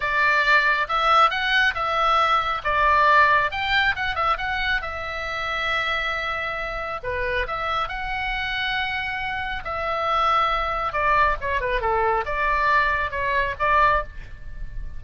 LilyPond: \new Staff \with { instrumentName = "oboe" } { \time 4/4 \tempo 4 = 137 d''2 e''4 fis''4 | e''2 d''2 | g''4 fis''8 e''8 fis''4 e''4~ | e''1 |
b'4 e''4 fis''2~ | fis''2 e''2~ | e''4 d''4 cis''8 b'8 a'4 | d''2 cis''4 d''4 | }